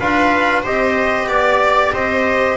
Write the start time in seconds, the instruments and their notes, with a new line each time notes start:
0.00 double bass D4, trombone F4, viola B4, trumpet F5
0.63 double bass C4, trombone G4, viola C5, trumpet D#5
1.27 double bass B3, viola D5, trumpet D5
1.93 double bass C4, viola C5, trumpet D#5